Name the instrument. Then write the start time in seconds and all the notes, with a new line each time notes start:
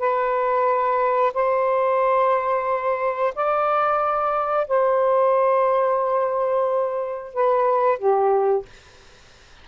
saxophone
0.00 B4
1.34 C5
3.35 D5
4.68 C5
7.34 B4
7.99 G4